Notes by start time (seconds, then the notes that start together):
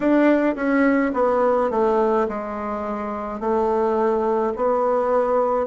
0.00 D4
0.55 C#4
1.13 B3
1.70 A3
2.28 G#3
3.40 A3
4.55 B3